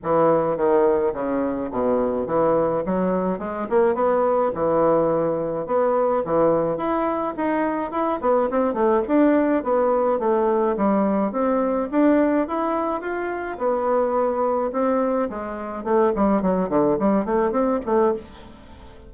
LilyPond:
\new Staff \with { instrumentName = "bassoon" } { \time 4/4 \tempo 4 = 106 e4 dis4 cis4 b,4 | e4 fis4 gis8 ais8 b4 | e2 b4 e4 | e'4 dis'4 e'8 b8 c'8 a8 |
d'4 b4 a4 g4 | c'4 d'4 e'4 f'4 | b2 c'4 gis4 | a8 g8 fis8 d8 g8 a8 c'8 a8 | }